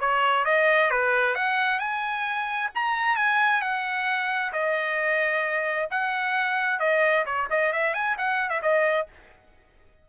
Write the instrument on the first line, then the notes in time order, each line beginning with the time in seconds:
trumpet
0.00 C#5
0.45 D#5
0.90 B4
1.35 F#5
1.79 G#5
2.75 A#5
3.16 G#5
3.61 F#5
4.52 D#5
5.90 F#5
6.79 D#5
7.26 C#5
7.50 D#5
7.72 E5
7.94 G#5
8.17 F#5
8.49 E5
8.62 D#5